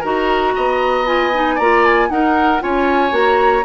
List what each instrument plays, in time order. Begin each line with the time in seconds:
0.00 bassoon D#4, clarinet F#4, oboe A#4, flute A#5
0.56 bassoon B3, oboe D#5
1.06 clarinet F4, flute G#5
1.34 clarinet D#4
1.55 bassoon A#3, clarinet F4, oboe D5, flute A#5
1.84 flute G#5
2.09 bassoon D#4, clarinet D#4, oboe A#4, flute F#5
2.60 bassoon C#4, clarinet F4, oboe C#5, flute G#5
3.10 bassoon A#3, clarinet F#4, flute A#5